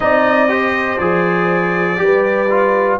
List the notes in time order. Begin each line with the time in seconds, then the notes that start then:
0.00 C4 D#4 D5 D#5
0.48 G4 C5
0.98 F3 G#4 D5
1.97 G3 G4 B4
2.50 F4